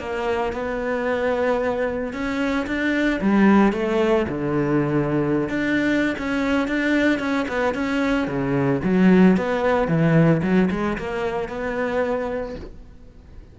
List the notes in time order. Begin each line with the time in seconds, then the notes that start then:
0.00 A#3
0.53 B3
2.13 C#4
2.67 D4
3.21 G3
3.73 A3
4.29 D3
5.49 D4
6.19 C#4
6.68 D4
7.19 C#4
7.48 B3
7.74 C#4
8.28 C#3
8.84 F#3
9.37 B3
9.88 E3
10.43 F#3
10.70 G#3
10.98 A#3
11.48 B3